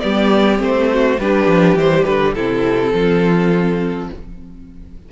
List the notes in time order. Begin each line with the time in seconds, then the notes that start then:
0.00 G3 B3 G4 D5
0.57 A3 C4
0.63 C5
0.93 F#4
1.20 G3 D4 G4 B4
1.47 F3
1.75 E3 G3 C5
2.04 D3 B4
2.34 C3 C4 E4 A4
2.93 F3 F4